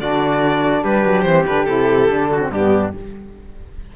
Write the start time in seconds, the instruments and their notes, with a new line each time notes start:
0.00 cello D3, saxophone D4, trumpet F#4, violin D5
0.84 cello G3, trumpet G4, violin B4
1.05 cello F#3
1.22 cello E3, saxophone C4, violin C5
1.46 cello D3, saxophone D4, violin B4
1.65 cello C3, saxophone E4, violin A4
2.08 cello D3, saxophone D4
2.31 trumpet F#4
2.41 saxophone C4
2.50 cello G2, saxophone B3, trumpet D4, violin G4